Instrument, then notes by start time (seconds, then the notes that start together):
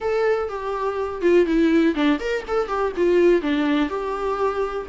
viola
0.00 A4
0.49 G4
1.21 F4
1.45 E4
1.94 D4
2.19 A#4
2.47 A4
2.67 G4
2.96 F4
3.41 D4
3.89 G4